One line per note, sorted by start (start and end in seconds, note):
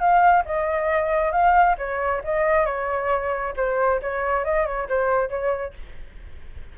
0.00 0.44 F5
0.46 1.32 D#5
1.32 1.76 F5
1.78 2.22 C#5
2.24 2.66 D#5
2.66 3.54 C#5
3.57 4.01 C5
4.02 4.45 C#5
4.45 4.66 D#5
4.66 4.88 C#5
4.89 5.30 C5
5.30 5.74 C#5